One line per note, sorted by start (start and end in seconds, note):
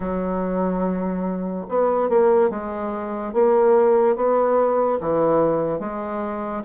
0.00 1.66 F#3
1.69 2.09 B3
2.09 2.50 A#3
2.50 3.33 G#3
3.33 4.16 A#3
4.16 4.99 B3
5.00 5.79 E3
5.79 6.62 G#3